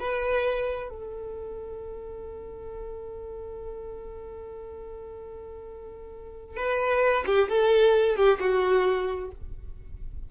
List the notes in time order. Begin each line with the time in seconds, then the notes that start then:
0.00 B4
0.90 A4
6.57 B4
7.26 G4
7.49 A4
8.17 G4
8.40 F#4